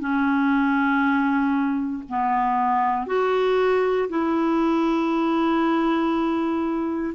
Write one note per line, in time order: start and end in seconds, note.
0.00 2.03 C#4
2.09 3.07 B3
3.07 4.09 F#4
4.10 7.15 E4